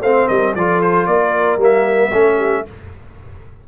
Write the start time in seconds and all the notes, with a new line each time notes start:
0.00 A3 C4 C5 F5
0.27 G3 A#4 D#5
0.55 F3 F4 A4 D5
0.81 C5
1.06 A#3 A#4 D5
1.57 G3 A#3
1.63 E5
2.11 A3 C#4 A4
2.37 G4